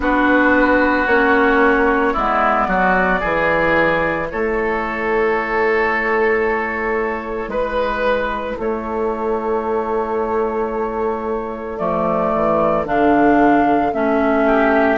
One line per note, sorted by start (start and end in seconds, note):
0.00 1.06 B3
0.00 1.07 D4
0.00 2.13 F#4
0.00 1.06 B4
1.06 2.14 A#3
1.06 2.16 C#4
1.06 2.13 C#5
2.13 2.67 G#3
2.13 3.21 B3
2.13 2.66 E4
2.13 4.28 D5
2.67 3.21 F#3
2.67 3.20 F#4
3.20 4.30 E3
3.20 11.77 E4
3.20 4.27 G#4
4.30 7.48 A3
4.30 7.50 A4
4.30 7.50 C#5
7.48 8.55 G#3
7.48 8.57 B4
8.57 11.79 A3
8.57 14.45 A4
8.57 11.78 C#5
11.77 12.33 F3
11.77 12.84 A3
11.77 12.85 D5
12.34 12.84 E3
12.84 13.92 D3
12.84 13.92 D4
12.84 13.93 F5
13.93 14.97 A3
13.93 14.97 C#4
13.93 14.97 E5
14.45 14.97 G4